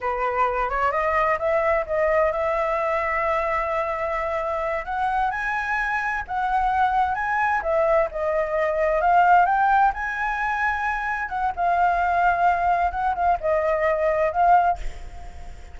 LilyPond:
\new Staff \with { instrumentName = "flute" } { \time 4/4 \tempo 4 = 130 b'4. cis''8 dis''4 e''4 | dis''4 e''2.~ | e''2~ e''8 fis''4 gis''8~ | gis''4. fis''2 gis''8~ |
gis''8 e''4 dis''2 f''8~ | f''8 g''4 gis''2~ gis''8~ | gis''8 fis''8 f''2. | fis''8 f''8 dis''2 f''4 | }